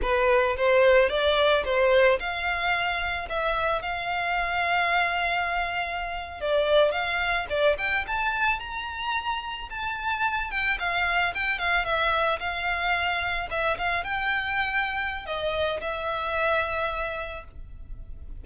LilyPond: \new Staff \with { instrumentName = "violin" } { \time 4/4 \tempo 4 = 110 b'4 c''4 d''4 c''4 | f''2 e''4 f''4~ | f''2.~ f''8. d''16~ | d''8. f''4 d''8 g''8 a''4 ais''16~ |
ais''4.~ ais''16 a''4. g''8 f''16~ | f''8. g''8 f''8 e''4 f''4~ f''16~ | f''8. e''8 f''8 g''2~ g''16 | dis''4 e''2. | }